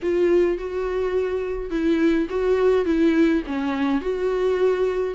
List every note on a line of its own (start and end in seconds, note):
0.02 0.57 F4
0.57 1.70 F#4
1.70 2.27 E4
2.29 2.85 F#4
2.85 3.42 E4
3.46 4.01 C#4
4.01 5.15 F#4